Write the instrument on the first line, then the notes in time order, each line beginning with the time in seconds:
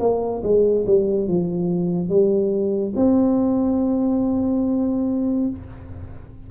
tuba
0.00 A#3
0.43 G#3
0.86 G3
1.28 F3
2.09 G3
2.96 C4